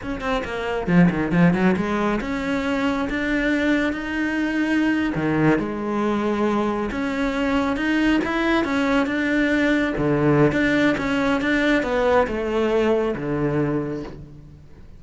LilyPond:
\new Staff \with { instrumentName = "cello" } { \time 4/4 \tempo 4 = 137 cis'8 c'8 ais4 f8 dis8 f8 fis8 | gis4 cis'2 d'4~ | d'4 dis'2~ dis'8. dis16~ | dis8. gis2. cis'16~ |
cis'4.~ cis'16 dis'4 e'4 cis'16~ | cis'8. d'2 d4~ d16 | d'4 cis'4 d'4 b4 | a2 d2 | }